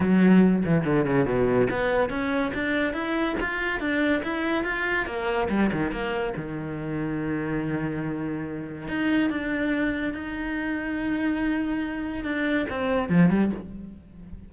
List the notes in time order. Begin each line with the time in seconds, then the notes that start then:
0.00 F#3
0.65 E3
0.85 D3
1.06 C#3
1.25 B2
1.70 B3
2.09 C#4
2.54 D4
2.93 E4
3.40 F4
3.80 D4
4.23 E4
4.64 F4
5.06 A#3
5.49 G3
5.72 D#3
5.91 A#3
6.36 D#3
8.88 D#4
9.30 D4
10.13 D#4
12.24 D4
12.69 C4
13.09 F3
13.30 G3